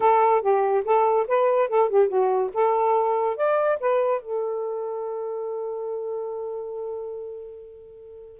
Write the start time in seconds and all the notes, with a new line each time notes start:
0.00 A4
0.41 G4
0.84 A4
1.27 B4
1.68 A4
1.89 G4
2.08 F#4
2.53 A4
3.36 D5
3.80 B4
4.21 A4